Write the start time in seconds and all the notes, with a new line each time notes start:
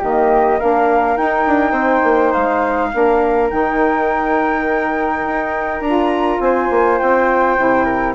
0.00 D#3 A#3 G4 D#5
0.59 A#3 D4 A#4 F5
1.17 D#4 G5
1.47 D4
1.72 C4 C5
2.04 A#3
2.33 G#3 F5
2.93 A#3 D4 A#4
3.50 D#3 D#4 G5
5.25 D#4
5.81 D4 F4 A#5
6.40 C4 C5 G#5
6.71 A#3
6.99 C4 G5
7.57 C3 E4
7.85 A#4